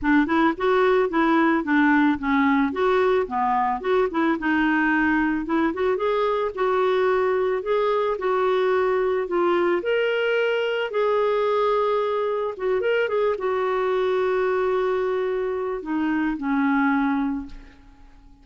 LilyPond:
\new Staff \with { instrumentName = "clarinet" } { \time 4/4 \tempo 4 = 110 d'8 e'8 fis'4 e'4 d'4 | cis'4 fis'4 b4 fis'8 e'8 | dis'2 e'8 fis'8 gis'4 | fis'2 gis'4 fis'4~ |
fis'4 f'4 ais'2 | gis'2. fis'8 ais'8 | gis'8 fis'2.~ fis'8~ | fis'4 dis'4 cis'2 | }